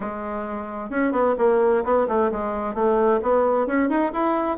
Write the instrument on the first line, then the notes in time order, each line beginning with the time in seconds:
bassoon
0.00 G#3
0.90 C#4
1.12 B3
1.38 A#3
1.84 B3
2.08 A3
2.31 G#3
2.74 A3
3.22 B3
3.66 C#4
3.89 D#4
4.12 E4